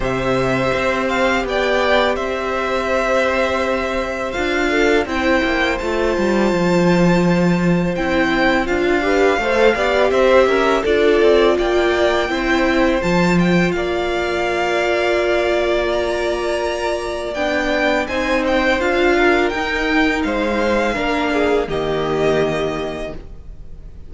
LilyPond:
<<
  \new Staff \with { instrumentName = "violin" } { \time 4/4 \tempo 4 = 83 e''4. f''8 g''4 e''4~ | e''2 f''4 g''4 | a''2. g''4 | f''2 e''4 d''4 |
g''2 a''8 g''8 f''4~ | f''2 ais''2 | g''4 gis''8 g''8 f''4 g''4 | f''2 dis''2 | }
  \new Staff \with { instrumentName = "violin" } { \time 4/4 c''2 d''4 c''4~ | c''2~ c''8 a'8 c''4~ | c''1~ | c''8 b'8 c''8 d''8 c''8 ais'8 a'4 |
d''4 c''2 d''4~ | d''1~ | d''4 c''4. ais'4. | c''4 ais'8 gis'8 g'2 | }
  \new Staff \with { instrumentName = "viola" } { \time 4/4 g'1~ | g'2 f'4 e'4 | f'2. e'4 | f'8 g'8 a'8 g'4. f'4~ |
f'4 e'4 f'2~ | f'1 | d'4 dis'4 f'4 dis'4~ | dis'4 d'4 ais2 | }
  \new Staff \with { instrumentName = "cello" } { \time 4/4 c4 c'4 b4 c'4~ | c'2 d'4 c'8 ais8 | a8 g8 f2 c'4 | d'4 a8 b8 c'8 cis'8 d'8 c'8 |
ais4 c'4 f4 ais4~ | ais1 | b4 c'4 d'4 dis'4 | gis4 ais4 dis2 | }
>>